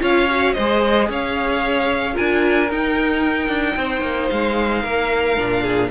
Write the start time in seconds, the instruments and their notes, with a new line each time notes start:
0.00 cello C#4, viola F4, violin C#5 F5
0.30 viola F#4
0.53 cello G#3, viola G#4, violin C5 D#5
1.09 cello C#4, violin C#5 F5
2.13 cello D4, viola F4, violin A#4 G#5
2.70 cello D#4, viola D#4, violin G5
3.49 cello D4
3.76 cello C4, violin C5
4.01 cello A#3
4.29 cello G#3, violin F5
4.82 cello A#3, violin A#4
5.37 cello A#2, viola D4
5.62 violin G#4